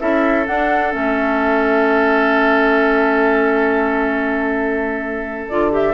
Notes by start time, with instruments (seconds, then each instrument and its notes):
0.00 bassoon C#4, clarinet E4, oboe A4, flute E5
0.47 clarinet D4, bassoon D4, flute F#5
0.91 bassoon A3, clarinet C#4, flute E5
5.49 bassoon D3, clarinet F4, flute D5
5.71 clarinet G4, flute E5